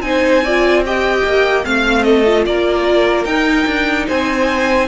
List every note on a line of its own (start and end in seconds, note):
0.00 1.22 C4
0.00 0.43 D#4
0.00 0.44 C5
0.00 0.82 G#5
0.44 0.85 F4
0.44 0.84 D5
0.85 1.64 G4
0.85 1.64 D#5
0.85 1.65 G5
1.24 1.65 A#3
1.64 2.46 A3
1.64 2.24 C4
1.64 2.05 F5
1.64 2.03 F5
2.03 2.45 A4
2.03 2.43 D#5
2.26 3.26 F4
2.45 3.24 A#3
2.45 4.07 A#4
2.45 3.24 D5
3.24 3.65 D#4
3.24 4.87 D#4
3.24 4.06 G5
3.66 4.07 D4
4.07 4.87 C4
4.07 4.87 C5
4.07 4.87 G#5